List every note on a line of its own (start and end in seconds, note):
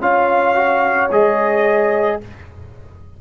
0.00 1.09 C#4
0.00 0.55 F4
0.00 2.18 C#5
0.00 1.10 F5
0.55 1.09 F#4
1.10 2.19 G#3
1.10 2.20 G#4
1.10 2.21 D#5